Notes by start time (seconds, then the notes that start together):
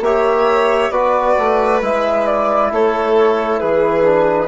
0.00 A#3 G4 C#5 E5
0.90 B3 F#4 B4 D5
1.38 A3
1.82 G#3 E4 E5
2.26 D5
2.71 A3 A4 C#5
3.59 E3 G#4 B4
4.04 D4